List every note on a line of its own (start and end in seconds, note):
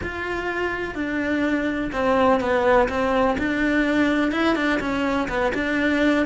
0.02 0.94 F4
0.94 1.90 D4
1.92 2.40 C4
2.40 2.88 B3
2.88 3.36 C4
3.38 4.31 D4
4.31 4.55 E4
4.55 4.79 D4
4.80 5.28 C#4
5.28 5.52 B3
5.54 6.26 D4